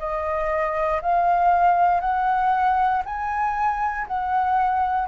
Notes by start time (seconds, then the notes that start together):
0.00 D#5
1.02 F5
2.01 F#5
3.06 G#5
4.08 F#5